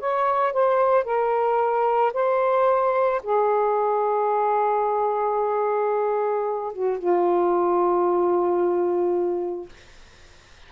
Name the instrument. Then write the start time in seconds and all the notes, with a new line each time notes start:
saxophone
0.00 C#5
0.53 C5
1.04 A#4
2.14 C5
3.23 G#4
6.73 F#4
6.99 F4